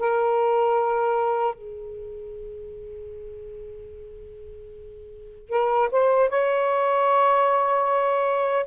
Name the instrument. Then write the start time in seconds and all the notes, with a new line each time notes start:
saxophone
0.00 A#4
1.55 G#4
5.50 A#4
5.92 C5
6.30 C#5